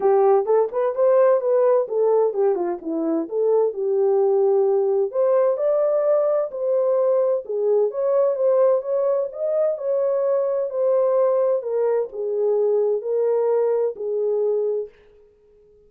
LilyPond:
\new Staff \with { instrumentName = "horn" } { \time 4/4 \tempo 4 = 129 g'4 a'8 b'8 c''4 b'4 | a'4 g'8 f'8 e'4 a'4 | g'2. c''4 | d''2 c''2 |
gis'4 cis''4 c''4 cis''4 | dis''4 cis''2 c''4~ | c''4 ais'4 gis'2 | ais'2 gis'2 | }